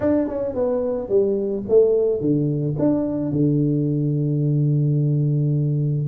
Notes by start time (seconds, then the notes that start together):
0.00 D4
0.28 C#4
0.54 B3
1.08 G3
1.69 A3
2.20 D3
2.78 D4
3.32 D3